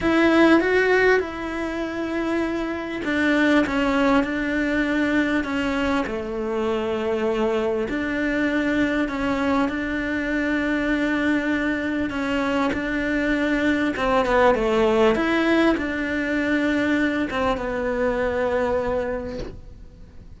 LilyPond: \new Staff \with { instrumentName = "cello" } { \time 4/4 \tempo 4 = 99 e'4 fis'4 e'2~ | e'4 d'4 cis'4 d'4~ | d'4 cis'4 a2~ | a4 d'2 cis'4 |
d'1 | cis'4 d'2 c'8 b8 | a4 e'4 d'2~ | d'8 c'8 b2. | }